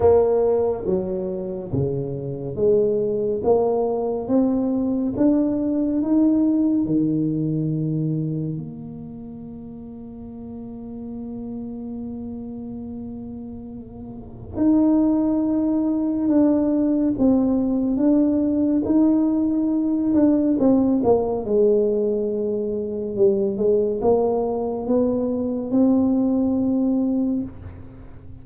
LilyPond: \new Staff \with { instrumentName = "tuba" } { \time 4/4 \tempo 4 = 70 ais4 fis4 cis4 gis4 | ais4 c'4 d'4 dis'4 | dis2 ais2~ | ais1~ |
ais4 dis'2 d'4 | c'4 d'4 dis'4. d'8 | c'8 ais8 gis2 g8 gis8 | ais4 b4 c'2 | }